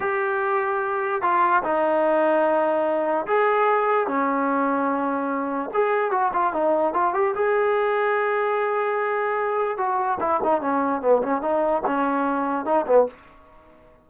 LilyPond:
\new Staff \with { instrumentName = "trombone" } { \time 4/4 \tempo 4 = 147 g'2. f'4 | dis'1 | gis'2 cis'2~ | cis'2 gis'4 fis'8 f'8 |
dis'4 f'8 g'8 gis'2~ | gis'1 | fis'4 e'8 dis'8 cis'4 b8 cis'8 | dis'4 cis'2 dis'8 b8 | }